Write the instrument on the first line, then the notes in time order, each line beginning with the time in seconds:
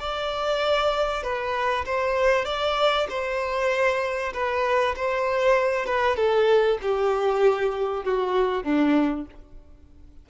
violin
0.00 D5
1.23 B4
1.86 C5
2.45 D5
3.10 C5
4.34 B4
4.96 C5
5.86 B4
6.16 A4
6.82 G4
8.04 F#4
8.64 D4